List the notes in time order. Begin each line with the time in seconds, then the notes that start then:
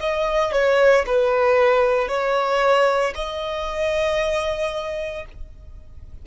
0.00 D#5
0.52 C#5
1.06 B4
2.08 C#5
3.15 D#5